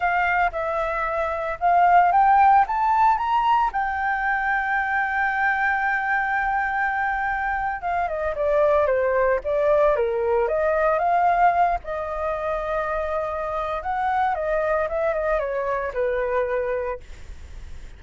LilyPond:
\new Staff \with { instrumentName = "flute" } { \time 4/4 \tempo 4 = 113 f''4 e''2 f''4 | g''4 a''4 ais''4 g''4~ | g''1~ | g''2~ g''8. f''8 dis''8 d''16~ |
d''8. c''4 d''4 ais'4 dis''16~ | dis''8. f''4. dis''4.~ dis''16~ | dis''2 fis''4 dis''4 | e''8 dis''8 cis''4 b'2 | }